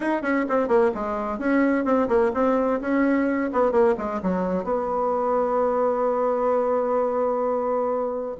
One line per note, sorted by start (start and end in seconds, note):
0.00 0.22 D#4
0.22 0.45 C#4
0.48 0.68 C4
0.68 0.91 A#3
0.94 1.38 G#3
1.38 1.84 C#4
1.84 2.08 C4
2.08 2.31 A#3
2.34 2.80 C4
2.80 3.50 C#4
3.52 3.71 B3
3.71 3.94 A#3
3.97 4.21 G#3
4.22 4.64 F#3
4.64 8.36 B3